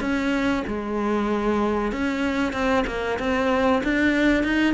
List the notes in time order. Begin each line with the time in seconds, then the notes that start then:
0.00 C#4
0.67 G#3
1.91 C#4
2.53 C4
2.87 A#3
3.19 C4
3.83 D4
4.43 D#4